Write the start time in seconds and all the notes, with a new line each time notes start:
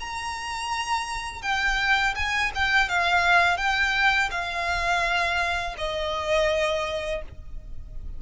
0.00 A#5
1.42 G5
2.15 G#5
2.55 G5
2.88 F5
3.57 G5
4.30 F5
5.77 D#5